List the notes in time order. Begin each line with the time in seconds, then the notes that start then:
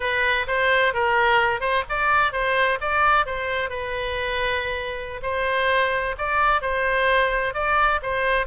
0.00 B4
0.47 C5
0.93 A#4
1.60 C5
1.89 D5
2.32 C5
2.80 D5
3.26 C5
3.69 B4
5.22 C5
6.18 D5
6.61 C5
7.53 D5
8.02 C5